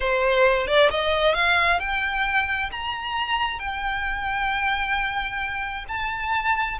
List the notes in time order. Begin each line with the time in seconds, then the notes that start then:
0.00 C5
0.67 D5
0.90 D#5
1.34 F5
1.79 G5
2.71 A#5
3.59 G5
5.88 A5